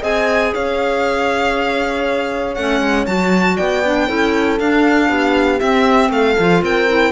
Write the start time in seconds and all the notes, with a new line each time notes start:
0.00 C4 G#4 D#5 G#5
0.53 C#4 C#5 F5
2.54 A3 C#4 F#5
2.80 G#3
3.06 F#3 F#4 A5
3.56 B3 D5 G5
3.84 D4
4.06 C#4 E4 A4
4.59 D4 F5
5.08 B3 G4
5.59 C4 E5
6.09 A3 A4 F5
6.39 F3 F4
6.62 C4 A#4 G5
6.87 E4